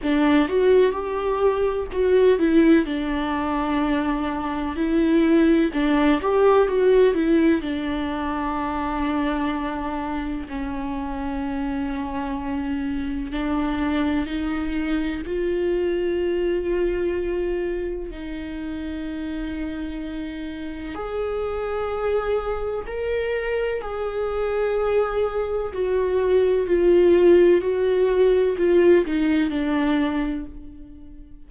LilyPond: \new Staff \with { instrumentName = "viola" } { \time 4/4 \tempo 4 = 63 d'8 fis'8 g'4 fis'8 e'8 d'4~ | d'4 e'4 d'8 g'8 fis'8 e'8 | d'2. cis'4~ | cis'2 d'4 dis'4 |
f'2. dis'4~ | dis'2 gis'2 | ais'4 gis'2 fis'4 | f'4 fis'4 f'8 dis'8 d'4 | }